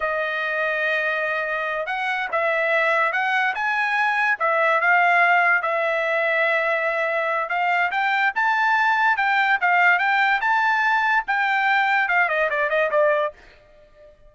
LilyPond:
\new Staff \with { instrumentName = "trumpet" } { \time 4/4 \tempo 4 = 144 dis''1~ | dis''8 fis''4 e''2 fis''8~ | fis''8 gis''2 e''4 f''8~ | f''4. e''2~ e''8~ |
e''2 f''4 g''4 | a''2 g''4 f''4 | g''4 a''2 g''4~ | g''4 f''8 dis''8 d''8 dis''8 d''4 | }